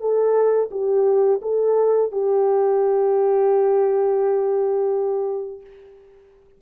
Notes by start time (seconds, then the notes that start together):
0.00 A4
0.71 G4
1.42 A4
2.12 G4